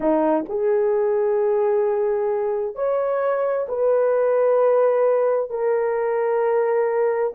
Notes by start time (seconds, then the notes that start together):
0.00 D#4
0.48 G#4
2.75 C#5
3.68 B4
5.50 A#4